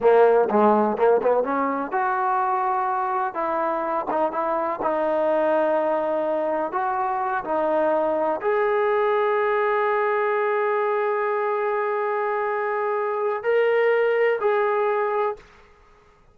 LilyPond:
\new Staff \with { instrumentName = "trombone" } { \time 4/4 \tempo 4 = 125 ais4 gis4 ais8 b8 cis'4 | fis'2. e'4~ | e'8 dis'8 e'4 dis'2~ | dis'2 fis'4. dis'8~ |
dis'4. gis'2~ gis'8~ | gis'1~ | gis'1 | ais'2 gis'2 | }